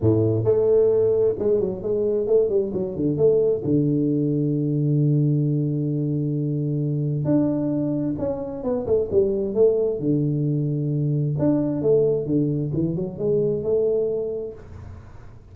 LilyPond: \new Staff \with { instrumentName = "tuba" } { \time 4/4 \tempo 4 = 132 a,4 a2 gis8 fis8 | gis4 a8 g8 fis8 d8 a4 | d1~ | d1 |
d'2 cis'4 b8 a8 | g4 a4 d2~ | d4 d'4 a4 d4 | e8 fis8 gis4 a2 | }